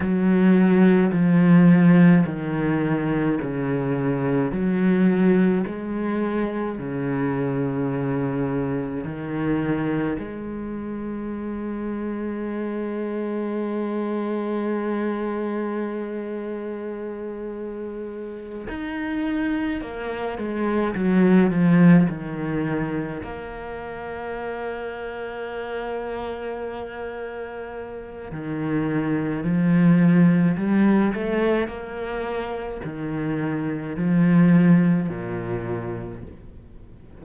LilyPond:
\new Staff \with { instrumentName = "cello" } { \time 4/4 \tempo 4 = 53 fis4 f4 dis4 cis4 | fis4 gis4 cis2 | dis4 gis2.~ | gis1~ |
gis8 dis'4 ais8 gis8 fis8 f8 dis8~ | dis8 ais2.~ ais8~ | ais4 dis4 f4 g8 a8 | ais4 dis4 f4 ais,4 | }